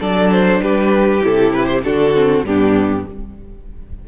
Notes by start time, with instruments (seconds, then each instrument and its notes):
0.00 cello F#3, viola D4, violin A4 D5
0.32 violin C5
0.61 cello G3, violin G4 B4
1.21 cello C3, viola E4, violin A4
1.53 violin B4
1.66 violin C5
1.84 cello D3, viola D4, violin F#4 A4
2.15 viola C4
2.44 cello G2, viola B3, violin D4 G4